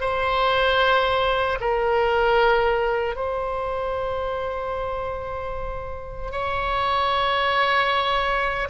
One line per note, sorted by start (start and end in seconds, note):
0.00 1.58 C5
1.60 3.15 A#4
3.15 6.31 C5
6.31 8.68 C#5